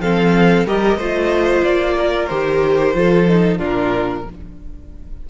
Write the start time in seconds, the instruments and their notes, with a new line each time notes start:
0.00 cello F3, viola C4, violin A4 F5
0.66 cello G3, viola G4, violin A#4 D#5
0.97 cello A3, viola F4, violin C5
1.64 cello A#3, violin D5
1.99 violin A#4
2.27 cello D#3, viola G4, violin C5
2.95 cello F3, viola F4, violin A4
3.28 viola D#4
3.59 cello A#2, viola D4, violin F4 A#4